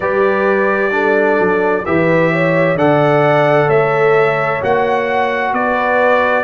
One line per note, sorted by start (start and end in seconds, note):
0.00 1.38 G3
0.00 0.90 G4
0.00 0.92 B4
0.00 1.85 D5
0.90 1.83 D4
0.90 1.85 A4
1.39 1.85 F#3
1.85 2.74 E3
1.85 2.77 G4
1.85 2.32 B4
1.85 2.77 E5
2.32 2.76 C#5
2.74 3.67 D3
2.74 4.61 A4
2.74 3.67 D5
2.74 3.69 F#5
3.67 4.61 A3
3.67 5.52 C#5
3.67 4.62 E5
4.61 5.52 A#3
4.61 6.44 F#4
4.61 5.53 F#5
5.52 6.44 B3
5.52 6.44 B4
5.52 6.44 D5